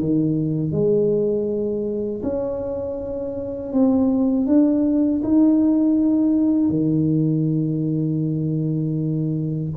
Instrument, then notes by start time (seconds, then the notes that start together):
tuba
0.00 D#3
0.72 G#3
2.23 C#4
3.73 C4
4.47 D4
5.24 D#4
6.70 D#3